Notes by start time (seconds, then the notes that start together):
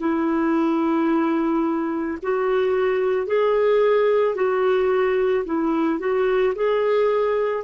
0.00 E4
2.23 F#4
3.27 G#4
4.36 F#4
5.46 E4
6.00 F#4
6.56 G#4